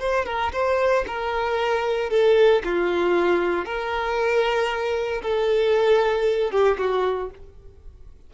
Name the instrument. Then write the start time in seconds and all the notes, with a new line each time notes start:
violin
0.00 C5
0.26 A#4
0.53 C5
1.08 A#4
2.11 A4
2.65 F4
3.65 A#4
5.23 A4
6.51 G4
6.78 F#4